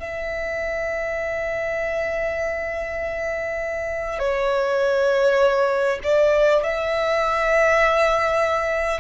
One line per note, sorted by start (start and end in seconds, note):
0.00 4.19 E5
4.19 5.99 C#5
6.04 6.64 D5
6.64 9.01 E5